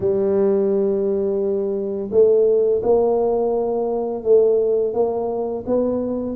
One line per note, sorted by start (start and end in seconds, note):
0.00 2.10 G3
2.11 2.81 A3
2.82 4.23 A#3
4.23 4.93 A3
4.93 5.64 A#3
5.66 6.36 B3